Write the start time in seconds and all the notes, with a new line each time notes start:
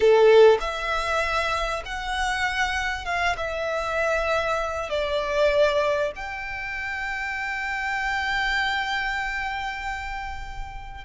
0.00 A4
0.60 E5
1.85 F#5
3.05 F5
3.36 E5
4.89 D5
6.15 G5